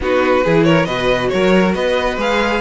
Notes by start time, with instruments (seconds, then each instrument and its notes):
0.01 cello B3, viola D#4, violin F#4 B4
0.44 cello E3, viola E4, violin G#4
0.63 violin A#4 C#5
0.85 cello B2, viola F#4, violin B4 D#5
1.29 cello F#3, violin A#4 C#5
1.74 cello B3, violin B4 D#5
2.16 cello G#3, viola G#4, violin F5